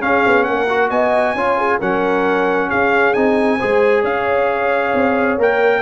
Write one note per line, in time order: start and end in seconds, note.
0.00 0.67 C#4
0.00 0.25 C#4
0.00 0.47 G#4
0.00 0.44 F5
0.26 0.48 B3
0.44 0.90 A#3
0.44 0.90 A#4
0.44 0.89 F#5
0.69 1.36 F#4
0.90 1.34 B3
0.90 1.34 D#5
0.90 1.80 G#5
1.34 1.79 C#4
1.34 1.80 F4
1.34 1.58 C#5
1.58 1.79 G#4
1.79 2.71 F#3
1.79 3.14 C#4
1.79 2.68 A#4
1.79 2.70 F#5
2.68 3.16 C#4
2.68 3.58 G#4
2.68 3.13 F5
3.13 3.61 C4
3.13 3.59 D#4
3.13 4.03 G#5
3.58 4.03 G#3
3.58 5.39 G#4
3.58 4.02 C5
4.02 4.93 C#4
4.02 5.81 C#5
4.02 5.39 F5
4.94 5.38 C4
5.38 5.82 A#3
5.38 5.82 A#4
5.38 5.82 G5